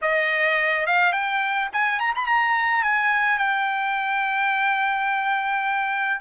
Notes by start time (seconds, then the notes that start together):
0.01 D#5
0.86 F5
1.12 G5
1.72 G#5
1.99 A#5
2.15 B5
2.26 A#5
2.82 G#5
3.38 G5